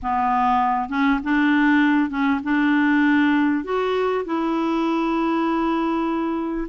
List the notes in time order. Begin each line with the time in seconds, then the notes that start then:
0.02 B3
0.89 C#4
1.23 D4
2.09 C#4
2.43 D4
3.64 F#4
4.25 E4